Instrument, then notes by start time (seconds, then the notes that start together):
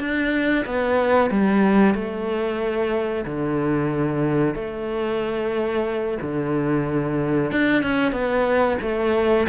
cello
0.00 D4
0.66 B3
1.30 G3
1.94 A3
3.25 D3
4.55 A3
6.22 D3
7.52 D4
7.83 C#4
8.12 B3
8.82 A3